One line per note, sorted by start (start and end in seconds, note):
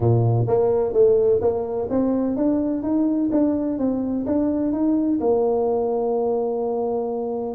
0.00 0.46 A#2
0.47 0.93 A#3
0.93 1.40 A3
1.41 1.88 A#3
1.89 2.36 C4
2.36 2.82 D4
2.82 3.30 D#4
3.31 3.78 D4
3.78 4.25 C4
4.25 4.72 D4
4.72 5.19 D#4
5.20 7.55 A#3